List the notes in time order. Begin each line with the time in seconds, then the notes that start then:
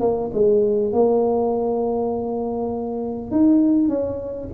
0.00 A#3
0.33 G#3
0.92 A#3
3.31 D#4
3.88 C#4